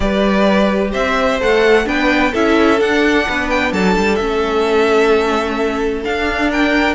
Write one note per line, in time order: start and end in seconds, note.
0.00 0.93 G3
0.00 1.40 G4
0.00 0.91 B4
0.00 0.91 D5
0.91 1.40 C4
0.91 1.84 C5
0.91 1.40 E5
1.40 1.86 A3
1.40 1.85 A4
1.40 1.87 F#5
1.85 2.33 B3
1.85 2.31 D4
1.85 2.32 B4
1.85 2.34 G5
2.32 2.80 C#4
2.32 2.77 E4
2.32 3.25 A4
2.32 2.80 E5
2.77 4.17 D4
2.77 3.27 D4
2.77 3.49 F#5
3.28 3.72 B3
3.28 3.72 B4
3.49 3.72 G5
3.72 3.95 F#3
3.72 6.49 A4
3.72 4.15 A5
3.96 4.19 G3
4.15 6.05 A3
4.15 6.04 C#4
4.15 6.01 E5
6.04 6.95 D4
6.04 6.51 F5
6.49 6.95 A#4
6.49 6.95 G5